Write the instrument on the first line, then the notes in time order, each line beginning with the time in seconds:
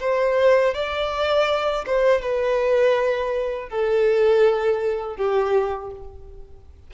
violin
0.00 C5
0.74 D5
1.86 C5
2.21 B4
3.69 A4
5.16 G4